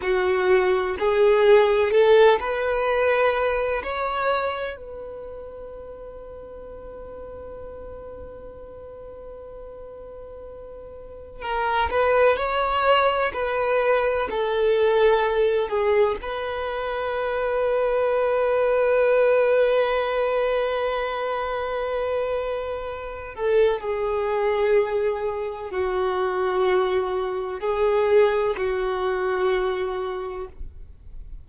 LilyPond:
\new Staff \with { instrumentName = "violin" } { \time 4/4 \tempo 4 = 63 fis'4 gis'4 a'8 b'4. | cis''4 b'2.~ | b'1 | ais'8 b'8 cis''4 b'4 a'4~ |
a'8 gis'8 b'2.~ | b'1~ | b'8 a'8 gis'2 fis'4~ | fis'4 gis'4 fis'2 | }